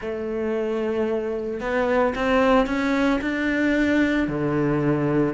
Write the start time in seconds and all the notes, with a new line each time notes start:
0.01 A3
1.60 B3
2.15 C4
2.66 C#4
3.21 D4
4.28 D3